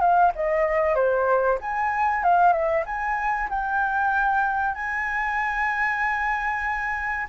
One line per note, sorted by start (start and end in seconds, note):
0.00 0.32 F5
0.35 0.95 D#5
0.95 1.58 C5
1.61 2.23 G#5
2.23 2.52 F5
2.52 2.84 E5
2.86 3.49 G#5
3.49 4.74 G5
4.74 7.27 G#5